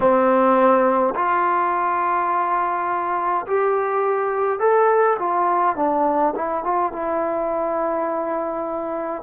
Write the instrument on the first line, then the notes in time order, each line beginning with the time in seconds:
trombone
0.00 C4
1.15 F4
3.46 G4
4.59 A4
5.18 F4
5.76 D4
6.35 E4
6.63 F4
6.92 E4